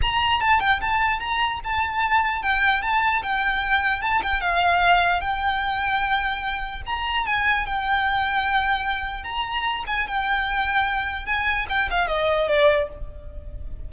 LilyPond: \new Staff \with { instrumentName = "violin" } { \time 4/4 \tempo 4 = 149 ais''4 a''8 g''8 a''4 ais''4 | a''2 g''4 a''4 | g''2 a''8 g''8 f''4~ | f''4 g''2.~ |
g''4 ais''4 gis''4 g''4~ | g''2. ais''4~ | ais''8 gis''8 g''2. | gis''4 g''8 f''8 dis''4 d''4 | }